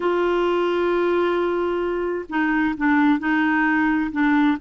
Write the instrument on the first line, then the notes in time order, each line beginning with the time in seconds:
clarinet
0.00 F4
2.29 D#4
2.77 D4
3.19 D#4
4.11 D4